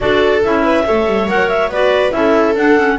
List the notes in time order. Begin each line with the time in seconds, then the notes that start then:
0.00 D4 F#4 A4 D5
0.44 C#4 E4 E5
0.62 B4
0.85 A3 A4 C#5
1.06 G3
1.26 F#3 A#4 F#5
1.48 E5
1.67 B3 F#4 B4 D5
2.11 C#4 E4 A4 E5
2.55 D4 F#5
2.77 C#4